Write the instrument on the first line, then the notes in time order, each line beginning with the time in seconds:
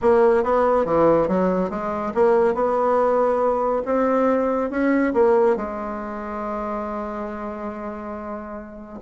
bassoon
0.01 A#3
0.43 B3
0.85 E3
1.28 F#3
1.70 G#3
2.14 A#3
2.54 B3
3.85 C4
4.70 C#4
5.13 A#3
5.56 G#3